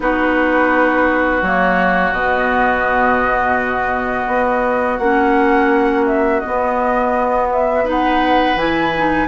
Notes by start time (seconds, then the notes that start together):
0.00 B3 D#4 F#4 B4
1.42 F#3 A#3 C#5
2.11 B2 B3 D#5
4.27 B3
4.98 A#3 C#4 F#5
6.06 E5
6.40 B3 D#5
6.47 B3
7.51 E5
7.84 D#4 B4 F#5
8.55 E3 E4 G#5
8.96 D#4